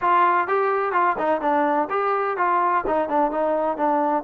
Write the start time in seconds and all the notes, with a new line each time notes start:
0.01 F4
0.47 G4
0.92 F4
1.18 D#4
1.41 D4
1.89 G4
2.37 F4
2.86 D#4
3.09 D4
3.31 D#4
3.77 D4